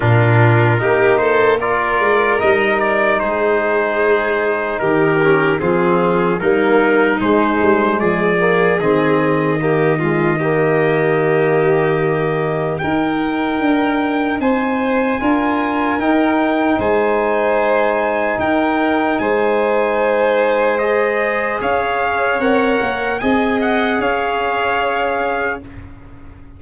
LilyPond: <<
  \new Staff \with { instrumentName = "trumpet" } { \time 4/4 \tempo 4 = 75 ais'4. c''8 d''4 dis''8 d''8 | c''2 ais'4 gis'4 | ais'4 c''4 d''4 dis''4~ | dis''1 |
g''2 gis''2 | g''4 gis''2 g''4 | gis''2 dis''4 f''4 | fis''4 gis''8 fis''8 f''2 | }
  \new Staff \with { instrumentName = "violin" } { \time 4/4 f'4 g'8 a'8 ais'2 | gis'2 g'4 f'4 | dis'2 gis'2 | g'8 f'8 g'2. |
ais'2 c''4 ais'4~ | ais'4 c''2 ais'4 | c''2. cis''4~ | cis''4 dis''4 cis''2 | }
  \new Staff \with { instrumentName = "trombone" } { \time 4/4 d'4 dis'4 f'4 dis'4~ | dis'2~ dis'8 cis'8 c'4 | ais4 gis4. ais8 c'4 | ais8 gis8 ais2. |
dis'2. f'4 | dis'1~ | dis'2 gis'2 | ais'4 gis'2. | }
  \new Staff \with { instrumentName = "tuba" } { \time 4/4 ais,4 ais4. gis8 g4 | gis2 dis4 f4 | g4 gis8 g8 f4 dis4~ | dis1 |
dis'4 d'4 c'4 d'4 | dis'4 gis2 dis'4 | gis2. cis'4 | c'8 ais8 c'4 cis'2 | }
>>